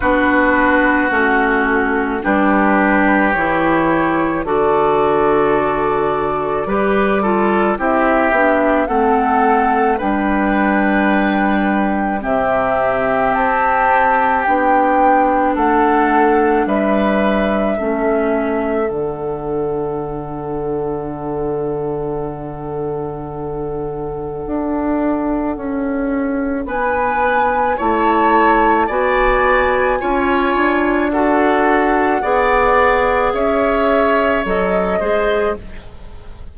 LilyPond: <<
  \new Staff \with { instrumentName = "flute" } { \time 4/4 \tempo 4 = 54 b'4 fis'4 b'4 cis''4 | d''2. e''4 | fis''4 g''2 e''4 | a''4 g''4 fis''4 e''4~ |
e''4 fis''2.~ | fis''1 | gis''4 a''4 gis''2 | fis''2 e''4 dis''4 | }
  \new Staff \with { instrumentName = "oboe" } { \time 4/4 fis'2 g'2 | a'2 b'8 a'8 g'4 | a'4 b'2 g'4~ | g'2 a'4 b'4 |
a'1~ | a'1 | b'4 cis''4 d''4 cis''4 | a'4 d''4 cis''4. c''8 | }
  \new Staff \with { instrumentName = "clarinet" } { \time 4/4 d'4 cis'4 d'4 e'4 | fis'2 g'8 f'8 e'8 d'8 | c'4 d'2 c'4~ | c'4 d'2. |
cis'4 d'2.~ | d'1~ | d'4 e'4 fis'4 f'4 | fis'4 gis'2 a'8 gis'8 | }
  \new Staff \with { instrumentName = "bassoon" } { \time 4/4 b4 a4 g4 e4 | d2 g4 c'8 b8 | a4 g2 c4 | c'4 b4 a4 g4 |
a4 d2.~ | d2 d'4 cis'4 | b4 a4 b4 cis'8 d'8~ | d'4 b4 cis'4 fis8 gis8 | }
>>